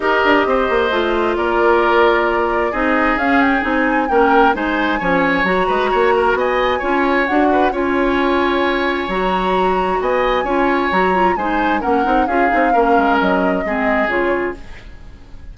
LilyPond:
<<
  \new Staff \with { instrumentName = "flute" } { \time 4/4 \tempo 4 = 132 dis''2. d''4~ | d''2 dis''4 f''8 g''8 | gis''4 g''4 gis''2 | ais''2 gis''2 |
fis''4 gis''2. | ais''2 gis''2 | ais''4 gis''4 fis''4 f''4~ | f''4 dis''2 cis''4 | }
  \new Staff \with { instrumentName = "oboe" } { \time 4/4 ais'4 c''2 ais'4~ | ais'2 gis'2~ | gis'4 ais'4 c''4 cis''4~ | cis''8 b'8 cis''8 ais'8 dis''4 cis''4~ |
cis''8 b'8 cis''2.~ | cis''2 dis''4 cis''4~ | cis''4 c''4 ais'4 gis'4 | ais'2 gis'2 | }
  \new Staff \with { instrumentName = "clarinet" } { \time 4/4 g'2 f'2~ | f'2 dis'4 cis'4 | dis'4 cis'4 dis'4 cis'4 | fis'2. f'4 |
fis'4 f'2. | fis'2. f'4 | fis'8 f'8 dis'4 cis'8 dis'8 f'8 dis'8 | cis'2 c'4 f'4 | }
  \new Staff \with { instrumentName = "bassoon" } { \time 4/4 dis'8 d'8 c'8 ais8 a4 ais4~ | ais2 c'4 cis'4 | c'4 ais4 gis4 f4 | fis8 gis8 ais4 b4 cis'4 |
d'4 cis'2. | fis2 b4 cis'4 | fis4 gis4 ais8 c'8 cis'8 c'8 | ais8 gis8 fis4 gis4 cis4 | }
>>